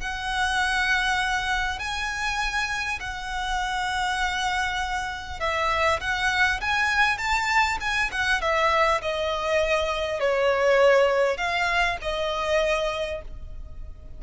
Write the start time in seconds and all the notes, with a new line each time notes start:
0.00 F#5
1.79 G#5
3.00 F#5
5.40 E5
6.00 F#5
6.61 G#5
7.18 A5
7.80 G#5
8.12 F#5
8.41 E5
9.02 D#5
10.20 C#5
11.37 F5
12.02 D#5